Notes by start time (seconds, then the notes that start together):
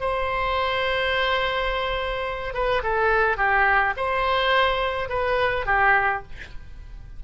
0.00 C5
2.53 B4
2.83 A4
3.37 G4
3.96 C5
5.09 B4
5.66 G4